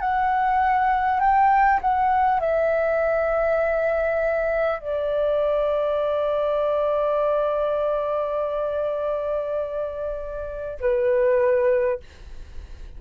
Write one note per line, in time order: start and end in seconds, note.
0.00 1.20 F#5
1.20 1.80 G5
1.81 2.39 F#5
2.39 4.79 E5
4.79 10.79 D5
10.79 11.99 B4